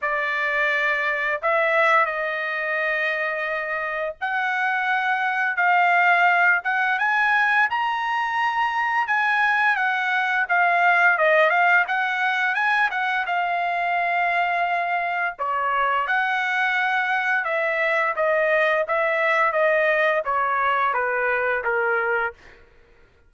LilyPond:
\new Staff \with { instrumentName = "trumpet" } { \time 4/4 \tempo 4 = 86 d''2 e''4 dis''4~ | dis''2 fis''2 | f''4. fis''8 gis''4 ais''4~ | ais''4 gis''4 fis''4 f''4 |
dis''8 f''8 fis''4 gis''8 fis''8 f''4~ | f''2 cis''4 fis''4~ | fis''4 e''4 dis''4 e''4 | dis''4 cis''4 b'4 ais'4 | }